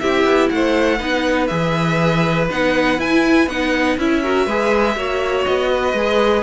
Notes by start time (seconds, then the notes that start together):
0.00 C4 E4 G4 E5
0.25 B3
0.50 A3 C5 F#5
0.98 B3 D#4 B4
1.48 E3 G#4 E5
2.51 B3 D#4 F#5
2.98 E4 G#5
3.47 B3 D#4 F#5
3.98 C#4 E4 E5
4.23 F#4 A#4
4.47 G#3 G#4 B4
4.96 A#3 F#4 C#5
5.46 B3 D#5
5.71 B4
5.93 G#3 G#4